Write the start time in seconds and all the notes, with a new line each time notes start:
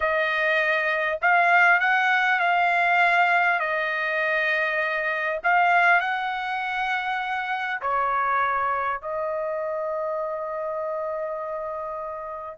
0.00 D#5
1.21 F5
1.80 F#5
2.39 F5
3.59 D#5
5.43 F5
6.00 F#5
7.81 C#5
9.01 D#5